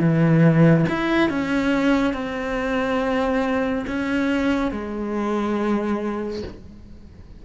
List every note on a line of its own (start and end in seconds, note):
0.00 0.86 E3
0.89 1.30 E4
1.30 2.14 C#4
2.14 3.85 C4
3.87 4.72 C#4
4.72 6.43 G#3